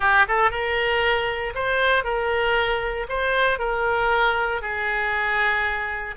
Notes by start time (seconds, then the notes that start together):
0.00 G4
0.28 A4
0.51 A#4
1.55 C5
2.04 A#4
3.08 C5
3.59 A#4
4.61 G#4